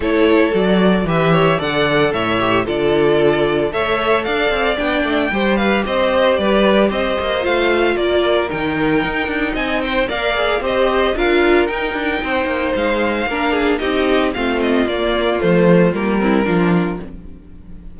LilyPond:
<<
  \new Staff \with { instrumentName = "violin" } { \time 4/4 \tempo 4 = 113 cis''4 d''4 e''4 fis''4 | e''4 d''2 e''4 | f''4 g''4. f''8 dis''4 | d''4 dis''4 f''4 d''4 |
g''2 gis''8 g''8 f''4 | dis''4 f''4 g''2 | f''2 dis''4 f''8 dis''8 | d''4 c''4 ais'2 | }
  \new Staff \with { instrumentName = "violin" } { \time 4/4 a'2 b'8 cis''8 d''4 | cis''4 a'2 cis''4 | d''2 c''8 b'8 c''4 | b'4 c''2 ais'4~ |
ais'2 dis''8 c''8 d''4 | c''4 ais'2 c''4~ | c''4 ais'8 gis'8 g'4 f'4~ | f'2~ f'8 e'8 f'4 | }
  \new Staff \with { instrumentName = "viola" } { \time 4/4 e'4 fis'4 g'4 a'4~ | a'8 g'8 f'2 a'4~ | a'4 d'4 g'2~ | g'2 f'2 |
dis'2. ais'8 gis'8 | g'4 f'4 dis'2~ | dis'4 d'4 dis'4 c'4 | ais4 a4 ais8 c'8 d'4 | }
  \new Staff \with { instrumentName = "cello" } { \time 4/4 a4 fis4 e4 d4 | a,4 d2 a4 | d'8 c'8 b8 a8 g4 c'4 | g4 c'8 ais8 a4 ais4 |
dis4 dis'8 d'8 c'4 ais4 | c'4 d'4 dis'8 d'8 c'8 ais8 | gis4 ais4 c'4 a4 | ais4 f4 g4 f4 | }
>>